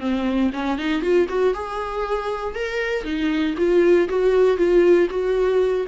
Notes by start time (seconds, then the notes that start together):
0.00 C4
0.53 C#4
0.78 D#4
1.02 F4
1.29 F#4
1.54 G#4
2.55 A#4
3.04 D#4
3.58 F4
4.09 F#4
4.57 F4
5.10 F#4